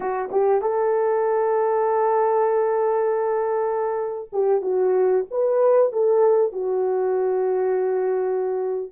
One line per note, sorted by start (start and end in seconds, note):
0.00 0.29 F#4
0.31 0.61 G4
0.61 4.28 A4
4.32 4.61 G4
4.61 5.25 F#4
5.30 5.92 B4
5.92 6.52 A4
6.52 8.92 F#4